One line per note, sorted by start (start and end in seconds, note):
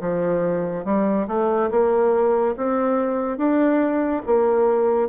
0.00 0.85 F3
0.85 1.27 G3
1.28 1.70 A3
1.71 2.55 A#3
2.57 3.37 C4
3.37 4.22 D4
4.26 5.09 A#3